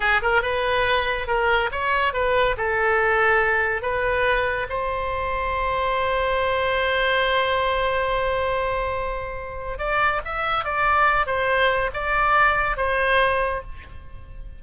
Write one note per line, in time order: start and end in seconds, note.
0.00 0.21 G#4
0.21 0.42 A#4
0.42 1.27 B4
1.27 1.69 A#4
1.71 2.13 C#5
2.13 2.56 B4
2.57 3.82 A4
3.82 4.67 B4
4.69 9.78 C5
9.78 10.21 D5
10.24 10.64 E5
10.64 11.26 D5
11.26 11.90 C5
11.93 12.77 D5
12.77 13.62 C5